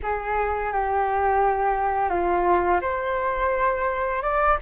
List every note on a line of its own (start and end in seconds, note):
0.02 0.72 G#4
0.72 2.09 G4
2.09 2.79 F4
2.81 4.22 C5
4.22 4.57 D5